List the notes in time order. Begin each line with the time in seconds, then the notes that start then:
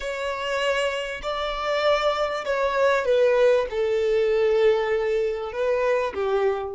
0.00 C#5
1.22 D5
2.45 C#5
3.05 B4
3.70 A4
5.52 B4
6.14 G4